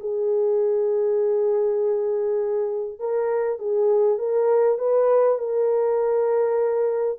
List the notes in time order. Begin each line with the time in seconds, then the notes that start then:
0.00 G#4
2.99 A#4
3.59 G#4
4.18 A#4
4.78 B4
5.38 A#4